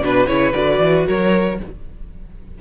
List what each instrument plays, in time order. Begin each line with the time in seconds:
0.00 cello B2, viola D4, violin B4
0.26 cello C#3, viola E4, violin C#5
0.53 cello D3, viola F#4, violin D5
0.79 cello E3
1.06 cello F#3, violin A#4 C#5